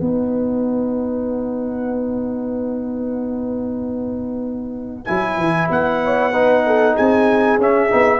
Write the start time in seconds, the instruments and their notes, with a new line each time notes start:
0.00 tuba B3, trombone D#4, horn B4, trumpet F#5
5.05 tuba F#3, trombone E4, trumpet G#5
5.37 tuba E3
5.71 tuba B3, trumpet F#5
6.05 horn C#5
6.32 trombone D#4, horn B4
6.67 horn A4
6.95 tuba C4, horn G#4, trumpet G#5
7.58 tuba C#4, trombone C#4, trumpet E5
7.90 tuba B3, trombone D#4